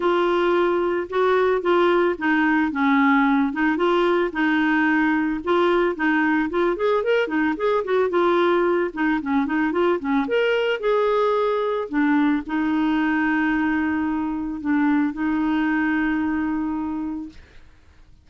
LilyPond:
\new Staff \with { instrumentName = "clarinet" } { \time 4/4 \tempo 4 = 111 f'2 fis'4 f'4 | dis'4 cis'4. dis'8 f'4 | dis'2 f'4 dis'4 | f'8 gis'8 ais'8 dis'8 gis'8 fis'8 f'4~ |
f'8 dis'8 cis'8 dis'8 f'8 cis'8 ais'4 | gis'2 d'4 dis'4~ | dis'2. d'4 | dis'1 | }